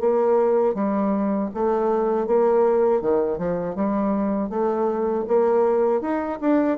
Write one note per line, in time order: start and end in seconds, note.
0.00 0.74 A#3
0.74 1.49 G3
1.54 2.27 A3
2.27 3.01 A#3
3.01 3.38 D#3
3.38 3.75 F3
3.75 4.50 G3
4.50 5.25 A3
5.27 6.01 A#3
6.01 6.39 D#4
6.41 6.78 D4